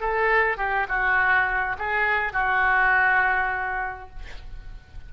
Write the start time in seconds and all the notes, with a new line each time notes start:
0.00 A4
0.57 G4
0.89 F#4
1.79 G#4
2.33 F#4